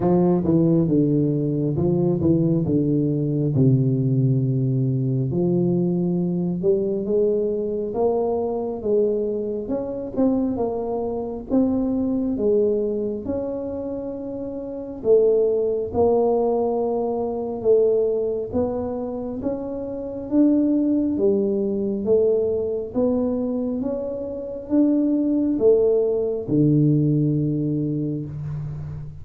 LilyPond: \new Staff \with { instrumentName = "tuba" } { \time 4/4 \tempo 4 = 68 f8 e8 d4 f8 e8 d4 | c2 f4. g8 | gis4 ais4 gis4 cis'8 c'8 | ais4 c'4 gis4 cis'4~ |
cis'4 a4 ais2 | a4 b4 cis'4 d'4 | g4 a4 b4 cis'4 | d'4 a4 d2 | }